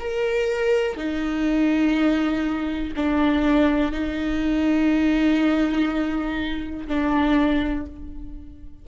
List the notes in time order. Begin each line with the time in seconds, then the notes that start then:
0.00 A#4
0.97 D#4
2.97 D4
3.92 D#4
6.88 D4